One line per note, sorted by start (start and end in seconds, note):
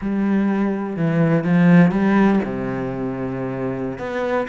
0.01 0.96 G3
0.96 1.44 E3
1.44 1.91 F3
1.91 2.39 G3
2.44 3.98 C3
3.98 4.46 B3